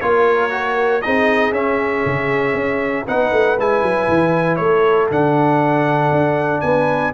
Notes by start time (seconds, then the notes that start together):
0.00 A#3 F4 A#4 C#5
0.50 F#4
1.01 C4 D#4 G#4 D#5
1.51 C#4 E5
2.05 C#3
2.53 C#4
3.06 B3 D#4 B4 F#5
3.32 A3
3.57 G#3 E4 G#5
3.82 F#3
4.08 E3
4.56 A3 A4 C#5
5.10 D3 D4 F#5
6.11 D4
6.60 B3 B4 G#5